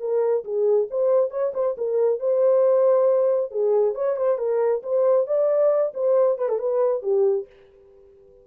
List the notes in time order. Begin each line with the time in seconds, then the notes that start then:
0.00 A#4
0.44 G#4
0.90 C5
1.30 C#5
1.54 C5
1.78 A#4
2.20 C5
3.51 G#4
3.95 C#5
4.16 C5
4.38 A#4
4.83 C5
5.27 D5
5.94 C5
6.38 B4
6.49 A4
6.59 B4
7.02 G4